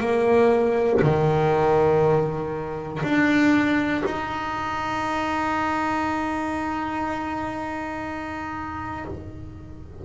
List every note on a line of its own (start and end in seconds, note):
0.00 1.00 A#3
1.02 3.02 D#3
3.03 4.03 D4
4.05 9.05 D#4